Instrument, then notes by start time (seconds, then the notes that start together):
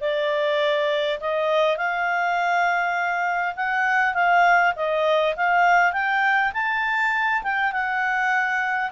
clarinet
0.00 D5
1.20 D#5
1.77 F5
3.56 F#5
4.14 F5
4.76 D#5
5.36 F5
5.92 G5
6.53 A5
7.43 G5
7.72 F#5